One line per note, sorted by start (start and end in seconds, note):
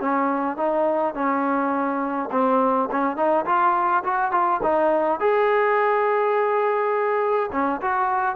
0.00 0.56 C#4
0.56 1.14 D#4
1.14 2.29 C#4
2.31 2.89 C4
2.91 3.16 C#4
3.16 3.45 D#4
3.45 4.03 F4
4.03 4.31 F#4
4.31 4.60 F4
4.62 5.19 D#4
5.19 7.50 G#4
7.52 7.80 C#4
7.81 8.35 F#4